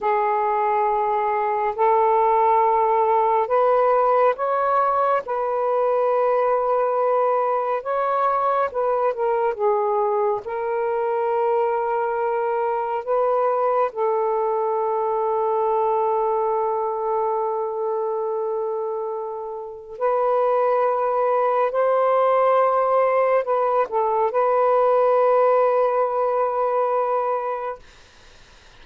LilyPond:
\new Staff \with { instrumentName = "saxophone" } { \time 4/4 \tempo 4 = 69 gis'2 a'2 | b'4 cis''4 b'2~ | b'4 cis''4 b'8 ais'8 gis'4 | ais'2. b'4 |
a'1~ | a'2. b'4~ | b'4 c''2 b'8 a'8 | b'1 | }